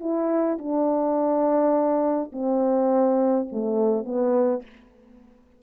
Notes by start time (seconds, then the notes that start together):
0.00 E4
0.58 D4
2.32 C4
3.52 A3
4.04 B3